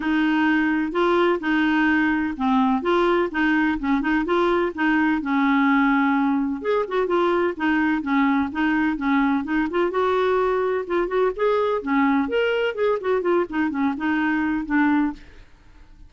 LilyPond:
\new Staff \with { instrumentName = "clarinet" } { \time 4/4 \tempo 4 = 127 dis'2 f'4 dis'4~ | dis'4 c'4 f'4 dis'4 | cis'8 dis'8 f'4 dis'4 cis'4~ | cis'2 gis'8 fis'8 f'4 |
dis'4 cis'4 dis'4 cis'4 | dis'8 f'8 fis'2 f'8 fis'8 | gis'4 cis'4 ais'4 gis'8 fis'8 | f'8 dis'8 cis'8 dis'4. d'4 | }